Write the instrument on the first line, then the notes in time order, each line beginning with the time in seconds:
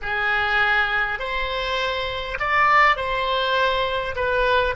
oboe
0.02 G#4
1.19 C5
2.39 D5
2.96 C5
4.15 B4